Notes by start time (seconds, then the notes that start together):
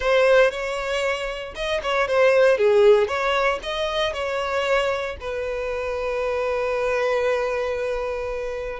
0.00 C5
0.51 C#5
1.55 D#5
1.82 C#5
2.07 C5
2.57 G#4
3.07 C#5
3.62 D#5
4.13 C#5
5.20 B4